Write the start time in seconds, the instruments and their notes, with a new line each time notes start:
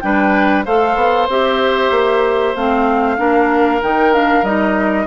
0.00 bassoon G3, clarinet D4, oboe B4, flute G5
0.65 bassoon A3, clarinet A4, oboe C5, flute F5
0.96 bassoon B3
1.29 bassoon C4, clarinet G4, flute E5
1.91 bassoon A#3
2.55 bassoon A3, clarinet C4, flute F5
3.17 bassoon A#3, clarinet D4, oboe A#4
3.82 bassoon D#3, clarinet D#4, flute G5
4.12 clarinet D4, flute F5
4.42 bassoon G3, clarinet D#4, flute D#5